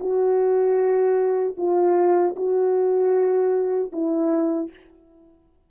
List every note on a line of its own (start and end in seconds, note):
0.00 1.56 F#4
1.57 2.35 F4
2.36 3.92 F#4
3.92 4.70 E4